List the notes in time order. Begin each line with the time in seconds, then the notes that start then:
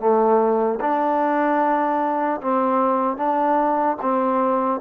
0.00 A3
0.81 D4
2.41 C4
3.17 D4
4.02 C4